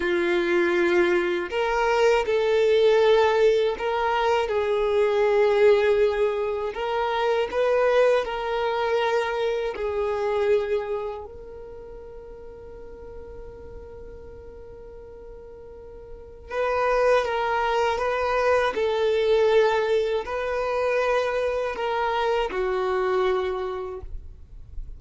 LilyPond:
\new Staff \with { instrumentName = "violin" } { \time 4/4 \tempo 4 = 80 f'2 ais'4 a'4~ | a'4 ais'4 gis'2~ | gis'4 ais'4 b'4 ais'4~ | ais'4 gis'2 ais'4~ |
ais'1~ | ais'2 b'4 ais'4 | b'4 a'2 b'4~ | b'4 ais'4 fis'2 | }